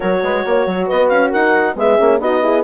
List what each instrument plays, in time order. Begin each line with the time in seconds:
0.00 bassoon F#3, horn F#4 A#4, clarinet C#5
0.22 bassoon G#3, horn B4
0.45 bassoon A#3, horn C#5
0.66 bassoon F#3
0.86 bassoon B3, horn B4, clarinet D#5
1.08 bassoon C#4, clarinet F5
1.30 bassoon D#4, horn A#4, clarinet F#5
1.75 bassoon G#3, horn B3 G#4, clarinet E5
1.97 bassoon A#3, horn C#4
2.20 bassoon B3, horn D#4 F#4, clarinet D#5
2.41 horn E4 G#4